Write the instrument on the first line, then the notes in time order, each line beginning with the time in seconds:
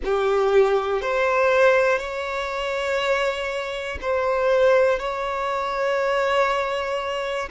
violin
0.04 G4
1.01 C5
1.98 C#5
4.01 C5
4.99 C#5